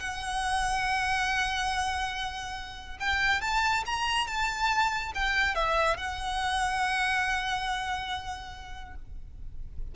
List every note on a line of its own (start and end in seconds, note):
0.00 2.98 F#5
3.00 3.42 G5
3.42 3.84 A5
3.86 4.27 A#5
4.27 5.13 A5
5.15 5.56 G5
5.56 5.97 E5
5.97 8.95 F#5